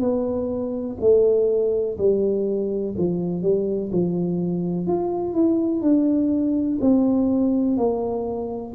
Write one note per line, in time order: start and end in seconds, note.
0.00 0.97 B3
1.00 1.97 A3
1.98 2.95 G3
2.98 3.43 F3
3.43 3.91 G3
3.92 4.87 F3
4.87 5.34 F4
5.34 5.82 E4
5.82 6.79 D4
6.81 7.77 C4
7.77 8.74 A#3